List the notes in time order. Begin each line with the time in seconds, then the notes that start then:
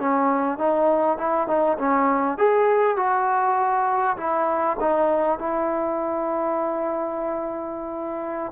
0.00 C#4
0.59 D#4
1.18 E4
1.48 D#4
1.79 C#4
2.38 G#4
2.97 F#4
4.18 E4
4.81 D#4
5.39 E4